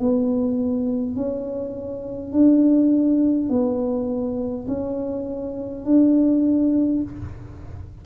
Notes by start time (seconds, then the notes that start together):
0.00 B3
1.16 C#4
2.33 D4
3.49 B3
4.68 C#4
5.85 D4